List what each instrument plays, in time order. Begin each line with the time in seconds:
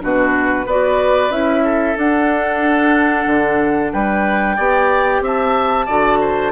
0.00 bassoon B2, clarinet D4, oboe F#4, flute B4
0.65 bassoon B3, clarinet F#4, oboe B4, flute D5
1.30 bassoon C#4, clarinet E4, flute E5
1.64 oboe A4
1.97 bassoon D4, clarinet D4, flute F#5
3.26 bassoon D3
3.92 bassoon G3, oboe B4, flute G5
4.56 bassoon B3, clarinet G4, oboe D5
5.21 bassoon C4, oboe E5, flute A5
5.86 bassoon D3, clarinet F#4, oboe D5
6.21 oboe C5